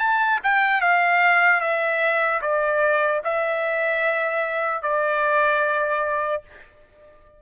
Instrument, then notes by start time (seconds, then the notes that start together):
trumpet
0.00 A5
0.44 G5
0.81 F5
1.61 E5
2.42 D5
3.25 E5
4.83 D5